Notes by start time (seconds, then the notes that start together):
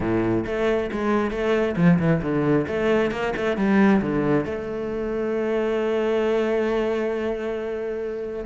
0.00 A2
0.45 A3
0.91 G#3
1.30 A3
1.76 F3
1.99 E3
2.21 D3
2.67 A3
3.11 A#3
3.36 A3
3.56 G3
4.01 D3
4.45 A3